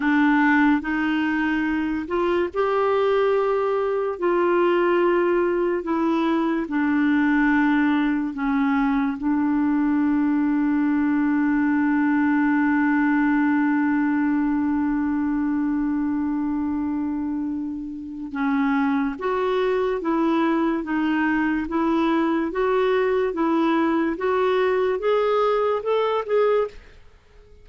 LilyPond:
\new Staff \with { instrumentName = "clarinet" } { \time 4/4 \tempo 4 = 72 d'4 dis'4. f'8 g'4~ | g'4 f'2 e'4 | d'2 cis'4 d'4~ | d'1~ |
d'1~ | d'2 cis'4 fis'4 | e'4 dis'4 e'4 fis'4 | e'4 fis'4 gis'4 a'8 gis'8 | }